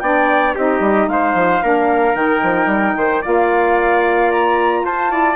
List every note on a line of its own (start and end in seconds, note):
0.00 0.55 B3
0.00 0.56 D4
0.00 0.55 D5
0.00 0.54 G5
0.55 0.80 C4
0.55 1.62 D#4
0.55 1.09 G4
0.55 1.09 D#5
0.80 1.07 G3
1.08 1.34 G#3
1.08 1.63 C5
1.08 2.15 F5
1.34 1.61 F3
1.62 2.15 A#3
1.62 2.16 D4
1.62 2.97 A#4
2.15 2.41 D#3
2.15 3.22 D#4
2.15 3.23 G5
2.43 2.66 F3
2.66 2.93 G3
2.97 3.24 D#3
2.97 3.22 C5
3.22 4.85 A#3
3.22 5.09 F4
3.22 4.83 D5
3.22 4.31 F5
4.31 4.85 A#5
4.85 5.36 F4
4.85 5.11 C5
4.85 5.36 A5
5.09 5.36 E4
5.09 5.36 D5